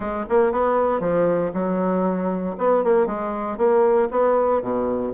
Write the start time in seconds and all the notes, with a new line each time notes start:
0.00 G#3
0.29 A#3
0.52 B3
1.00 F3
1.53 F#3
2.58 B3
2.84 A#3
3.06 G#3
3.57 A#3
4.10 B3
4.62 B2